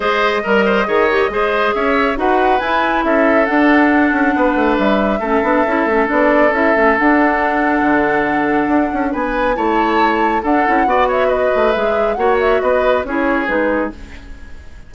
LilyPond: <<
  \new Staff \with { instrumentName = "flute" } { \time 4/4 \tempo 4 = 138 dis''1 | e''4 fis''4 gis''4 e''4 | fis''2. e''4~ | e''2 d''4 e''4 |
fis''1~ | fis''4 gis''4 a''2 | fis''4. e''8 dis''4 e''4 | fis''8 e''8 dis''4 cis''4 b'4 | }
  \new Staff \with { instrumentName = "oboe" } { \time 4/4 c''4 ais'8 c''8 cis''4 c''4 | cis''4 b'2 a'4~ | a'2 b'2 | a'1~ |
a'1~ | a'4 b'4 cis''2 | a'4 d''8 cis''8 b'2 | cis''4 b'4 gis'2 | }
  \new Staff \with { instrumentName = "clarinet" } { \time 4/4 gis'4 ais'4 gis'8 g'8 gis'4~ | gis'4 fis'4 e'2 | d'1 | cis'8 d'8 e'8 cis'8 d'4 e'8 cis'8 |
d'1~ | d'2 e'2 | d'8 e'8 fis'2 gis'4 | fis'2 e'4 dis'4 | }
  \new Staff \with { instrumentName = "bassoon" } { \time 4/4 gis4 g4 dis4 gis4 | cis'4 dis'4 e'4 cis'4 | d'4. cis'8 b8 a8 g4 | a8 b8 cis'8 a8 b4 cis'8 a8 |
d'2 d2 | d'8 cis'8 b4 a2 | d'8 cis'8 b4. a8 gis4 | ais4 b4 cis'4 gis4 | }
>>